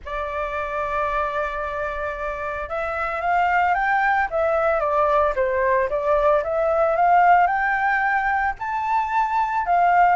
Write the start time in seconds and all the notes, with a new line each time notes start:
0.05 D5
2.69 E5
3.21 F5
3.74 G5
4.30 E5
4.80 D5
5.35 C5
5.89 D5
6.43 E5
6.96 F5
7.47 G5
8.59 A5
9.66 F5